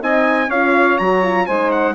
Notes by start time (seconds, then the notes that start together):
0.00 C4 D#4 D#5 G#5
0.48 C#4 F4 C#5 F5
0.98 F#3 F#4 A#5
1.23 F4
1.46 G#3 D#4 C5 G#5
1.71 F#5